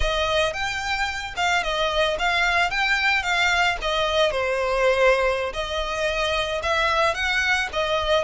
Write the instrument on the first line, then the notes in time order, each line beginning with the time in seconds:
violin
0.00 D#5
0.53 G5
1.36 F5
1.63 D#5
2.18 F5
2.70 G5
3.22 F5
3.81 D#5
4.31 C5
5.53 D#5
6.62 E5
7.14 F#5
7.72 D#5